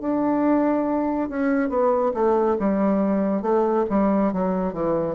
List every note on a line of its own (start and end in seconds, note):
0.00 1.29 D4
1.29 1.69 C#4
1.69 2.12 B3
2.14 2.56 A3
2.59 3.42 G3
3.42 3.85 A3
3.89 4.32 G3
4.32 4.73 F#3
4.73 5.15 E3